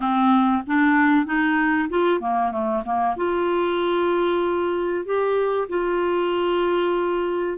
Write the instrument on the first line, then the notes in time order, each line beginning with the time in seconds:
clarinet
0.00 C4
0.66 D4
1.25 D#4
1.89 F4
2.20 A#3
2.51 A3
2.84 A#3
3.16 F4
5.05 G4
5.68 F4